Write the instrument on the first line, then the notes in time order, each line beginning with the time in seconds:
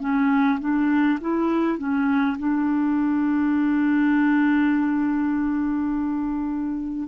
clarinet
0.00 C#4
0.60 D4
1.20 E4
1.78 C#4
2.39 D4